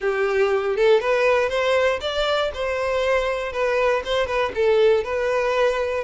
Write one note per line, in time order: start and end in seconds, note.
0.00 0.76 G4
0.76 1.00 A4
1.00 1.49 B4
1.49 1.99 C5
2.01 2.51 D5
2.54 3.52 C5
3.52 4.02 B4
4.05 4.26 C5
4.26 4.51 B4
4.54 5.04 A4
5.04 6.04 B4